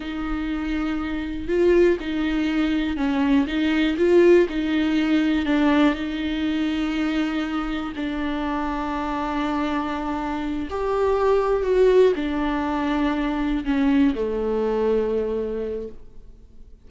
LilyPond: \new Staff \with { instrumentName = "viola" } { \time 4/4 \tempo 4 = 121 dis'2. f'4 | dis'2 cis'4 dis'4 | f'4 dis'2 d'4 | dis'1 |
d'1~ | d'4. g'2 fis'8~ | fis'8 d'2. cis'8~ | cis'8 a2.~ a8 | }